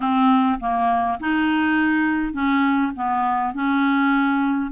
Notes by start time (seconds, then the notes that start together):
0.00 C4
0.60 A#3
1.20 D#4
2.33 C#4
2.95 B3
3.53 C#4